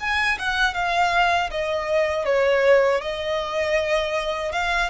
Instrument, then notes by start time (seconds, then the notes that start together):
violin
0.00 G#5
0.39 F#5
0.74 F5
1.51 D#5
2.25 C#5
3.01 D#5
4.52 F5